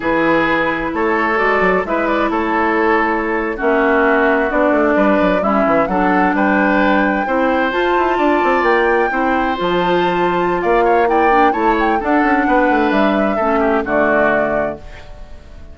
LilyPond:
<<
  \new Staff \with { instrumentName = "flute" } { \time 4/4 \tempo 4 = 130 b'2 cis''4 d''4 | e''8 d''8 cis''2~ cis''8. e''16~ | e''4.~ e''16 d''2 e''16~ | e''8. fis''4 g''2~ g''16~ |
g''8. a''2 g''4~ g''16~ | g''8. a''2~ a''16 f''4 | g''4 a''8 g''8 fis''2 | e''2 d''2 | }
  \new Staff \with { instrumentName = "oboe" } { \time 4/4 gis'2 a'2 | b'4 a'2~ a'8. fis'16~ | fis'2~ fis'8. b'4 e'16~ | e'8. a'4 b'2 c''16~ |
c''4.~ c''16 d''2 c''16~ | c''2. d''8 cis''8 | d''4 cis''4 a'4 b'4~ | b'4 a'8 g'8 fis'2 | }
  \new Staff \with { instrumentName = "clarinet" } { \time 4/4 e'2. fis'4 | e'2.~ e'8. cis'16~ | cis'4.~ cis'16 d'2 cis'16~ | cis'8. d'2. e'16~ |
e'8. f'2. e'16~ | e'8. f'2.~ f'16 | e'8 d'8 e'4 d'2~ | d'4 cis'4 a2 | }
  \new Staff \with { instrumentName = "bassoon" } { \time 4/4 e2 a4 gis8 fis8 | gis4 a2~ a8. ais16~ | ais4.~ ais16 b8 a8 g8 fis8 g16~ | g16 e8 fis4 g2 c'16~ |
c'8. f'8 e'8 d'8 c'8 ais4 c'16~ | c'8. f2~ f16 ais4~ | ais4 a4 d'8 cis'8 b8 a8 | g4 a4 d2 | }
>>